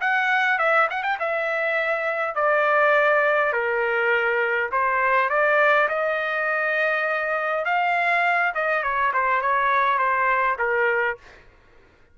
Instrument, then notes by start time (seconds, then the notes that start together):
trumpet
0.00 F#5
0.58 E5
0.90 F#5
1.03 G5
1.19 E5
2.34 D5
3.52 A#4
4.71 C5
5.29 D5
5.88 D#5
7.64 F5
8.54 D#5
8.83 C#5
9.13 C5
9.41 C#5
9.98 C5
10.58 A#4